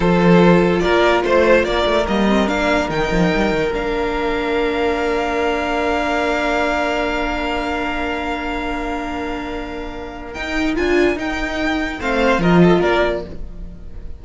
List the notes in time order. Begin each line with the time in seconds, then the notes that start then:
0.00 F3 F4 A4 C5
0.79 A#4 D5
0.86 A#3
1.24 A3 C5
1.63 A#3 A#4 D5
1.85 A3
2.07 G3 A#3 D#5
2.28 C4
2.47 A#3 D4 F5
2.88 D#3 D#4 G5
3.10 F3
3.34 G3
3.51 D#3
3.72 A#3 D4 F5
10.33 D#4 G5
10.75 D4 F4 G#5
11.16 D#4 G5
12.00 A3 C4 C5 F5
12.38 F3 F4 A#4 D#5
12.62 A4
12.80 A#3 A#4 D5